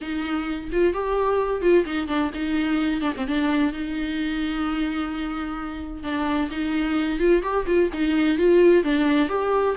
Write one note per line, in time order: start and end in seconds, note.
0.01 0.70 D#4
0.72 0.93 F4
0.93 1.61 G4
1.61 1.84 F4
1.85 2.07 D#4
2.07 2.30 D4
2.34 3.01 D#4
3.01 3.12 D4
3.16 3.27 C4
3.27 3.72 D4
3.72 6.03 D#4
6.03 6.49 D4
6.51 7.19 D#4
7.19 7.42 F4
7.42 7.66 G4
7.66 7.89 F4
7.93 8.38 D#4
8.38 8.83 F4
8.83 9.29 D4
9.29 9.75 G4